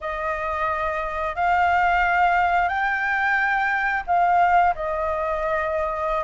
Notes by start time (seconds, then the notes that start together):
0.00 D#5
1.35 F5
2.68 G5
4.06 F5
4.75 D#5